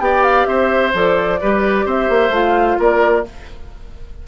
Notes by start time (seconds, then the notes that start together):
0.00 B3 G4 D5 G5
0.23 F5
0.46 C4 C5 E5
0.93 F3 A4 D5
1.41 G3 G4 B4
1.85 C4 C5 E5
2.09 A#3
2.30 A3 F4 F5
2.79 A#3 A#4 D5